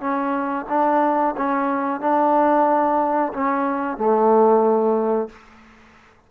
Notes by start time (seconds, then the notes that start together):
0.00 C#4
0.69 D4
1.37 C#4
2.01 D4
3.33 C#4
3.97 A3